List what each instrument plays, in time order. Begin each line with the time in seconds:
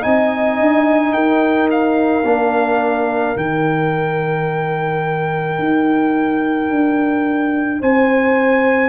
0.00 tuba C4, trombone D#4, horn D#5, trumpet G#5
0.59 tuba D4
1.13 tuba D#4, horn A#4, trumpet G5
1.70 trumpet F5
2.23 tuba A#3, trombone D4
3.36 tuba D#3, trombone D#4, trumpet G5
5.59 tuba D#4
6.70 tuba D4
7.80 tuba C4, horn C5, trumpet G#5